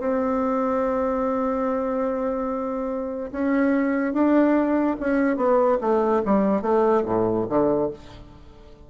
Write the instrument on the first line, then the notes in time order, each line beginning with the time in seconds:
bassoon
0.00 C4
3.32 C#4
4.13 D4
5.00 C#4
5.36 B3
5.81 A3
6.25 G3
6.62 A3
7.05 A2
7.49 D3